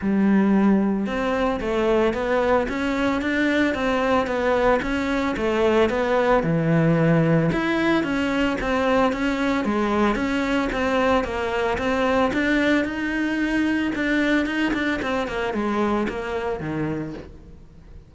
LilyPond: \new Staff \with { instrumentName = "cello" } { \time 4/4 \tempo 4 = 112 g2 c'4 a4 | b4 cis'4 d'4 c'4 | b4 cis'4 a4 b4 | e2 e'4 cis'4 |
c'4 cis'4 gis4 cis'4 | c'4 ais4 c'4 d'4 | dis'2 d'4 dis'8 d'8 | c'8 ais8 gis4 ais4 dis4 | }